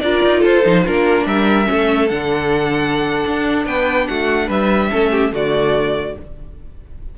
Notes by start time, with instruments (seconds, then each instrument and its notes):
0.00 cello D4, viola F4, violin A#4 D5
0.23 cello D#4
0.39 cello F4, violin A4 C5
0.63 cello F3, viola D#4
0.84 cello A#3, viola D4, violin F4 A#4
1.26 cello G3, violin A#4 E5
1.65 cello A3, viola C#4, violin A4
2.08 cello D3, viola D4, violin F#5
3.26 cello D4
3.65 cello B3, violin B4 G5
4.07 cello A3, violin F#4 F#5
4.47 cello G3, violin B4 E5
4.91 cello A3, viola C#4, violin A4
5.11 violin G4
5.31 cello D3, viola A3, violin F#4 D5